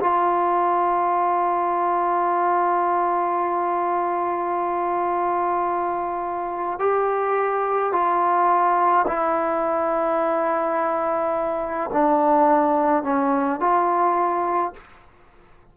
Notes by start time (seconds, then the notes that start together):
0.00 F4
6.79 G4
7.92 F4
9.07 E4
11.93 D4
13.03 C#4
13.60 F4